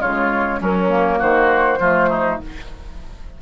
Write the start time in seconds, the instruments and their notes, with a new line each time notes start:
0.00 bassoon C#3, clarinet G#3, oboe F4, flute C#5
0.60 clarinet F#3, bassoon F#3, oboe C#4, flute A#4
0.89 clarinet A#3
1.19 bassoon D#3, oboe F#4, flute C5
1.80 bassoon F3, clarinet A3, oboe F4
2.09 oboe D#4